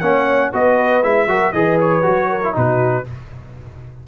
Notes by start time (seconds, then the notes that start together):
0.00 A#3 C#4 C#5 F#5
0.52 B3 F#4 B4 D#5
1.03 G#3 E4 E5
1.27 F#3 F#4 A#4
1.53 E3 G#4 B4 D#5
1.81 C#5
2.03 F#3 F#4
2.30 A#4
2.44 E4
2.53 B2 D#4 F#4 B4